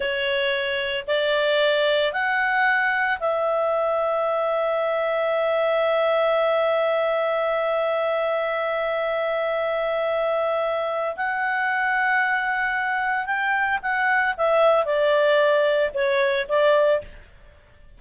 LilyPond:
\new Staff \with { instrumentName = "clarinet" } { \time 4/4 \tempo 4 = 113 cis''2 d''2 | fis''2 e''2~ | e''1~ | e''1~ |
e''1~ | e''4 fis''2.~ | fis''4 g''4 fis''4 e''4 | d''2 cis''4 d''4 | }